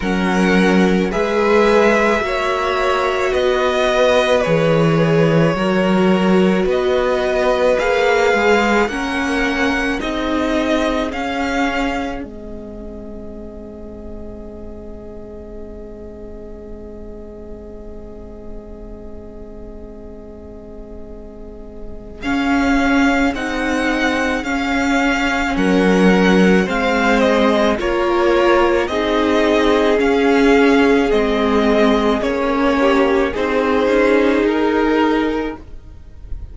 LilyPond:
<<
  \new Staff \with { instrumentName = "violin" } { \time 4/4 \tempo 4 = 54 fis''4 e''2 dis''4 | cis''2 dis''4 f''4 | fis''4 dis''4 f''4 dis''4~ | dis''1~ |
dis''1 | f''4 fis''4 f''4 fis''4 | f''8 dis''8 cis''4 dis''4 f''4 | dis''4 cis''4 c''4 ais'4 | }
  \new Staff \with { instrumentName = "violin" } { \time 4/4 ais'4 b'4 cis''4 b'4~ | b'4 ais'4 b'2 | ais'4 gis'2.~ | gis'1~ |
gis'1~ | gis'2. ais'4 | c''4 ais'4 gis'2~ | gis'4. g'8 gis'2 | }
  \new Staff \with { instrumentName = "viola" } { \time 4/4 cis'4 gis'4 fis'2 | gis'4 fis'2 gis'4 | cis'4 dis'4 cis'4 c'4~ | c'1~ |
c'1 | cis'4 dis'4 cis'2 | c'4 f'4 dis'4 cis'4 | c'4 cis'4 dis'2 | }
  \new Staff \with { instrumentName = "cello" } { \time 4/4 fis4 gis4 ais4 b4 | e4 fis4 b4 ais8 gis8 | ais4 c'4 cis'4 gis4~ | gis1~ |
gis1 | cis'4 c'4 cis'4 fis4 | gis4 ais4 c'4 cis'4 | gis4 ais4 c'8 cis'8 dis'4 | }
>>